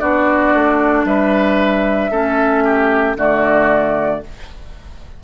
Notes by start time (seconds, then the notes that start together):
0.00 B3 D4 F#4 D5
0.54 A3
1.05 G3 B4 E5
2.11 A3 C#4 A4
2.64 G4
3.16 D3 A3 F#4 D5